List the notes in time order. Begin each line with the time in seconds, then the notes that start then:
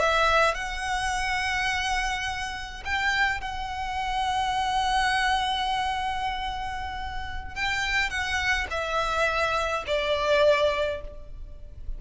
0.00 E5
0.55 F#5
2.85 G5
3.41 F#5
7.56 G5
8.10 F#5
8.71 E5
9.87 D5